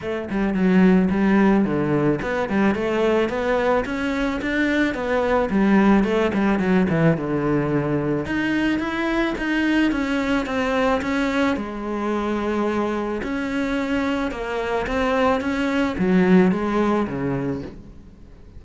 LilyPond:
\new Staff \with { instrumentName = "cello" } { \time 4/4 \tempo 4 = 109 a8 g8 fis4 g4 d4 | b8 g8 a4 b4 cis'4 | d'4 b4 g4 a8 g8 | fis8 e8 d2 dis'4 |
e'4 dis'4 cis'4 c'4 | cis'4 gis2. | cis'2 ais4 c'4 | cis'4 fis4 gis4 cis4 | }